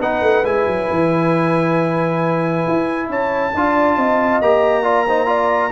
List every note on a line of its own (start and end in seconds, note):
0.00 0.22 B3
0.00 0.45 D#4
0.00 3.09 B4
0.00 0.45 F#5
0.22 0.44 A3
0.44 0.66 G#3
0.44 3.54 E4
0.44 3.10 G#5
0.67 0.89 F#3
0.91 2.67 E3
2.68 3.10 E4
3.10 3.54 C#4
3.10 3.54 C#5
3.10 4.42 A5
3.55 3.97 D4
3.55 4.43 F4
3.55 3.98 D5
3.97 4.41 C4
3.97 4.84 D#5
4.42 5.72 A#3
4.42 4.84 G4
4.42 5.72 A#5
4.84 5.06 F4
4.84 5.06 D5
5.07 5.27 D#4
5.07 5.28 C5
5.27 5.71 F4
5.27 5.72 D5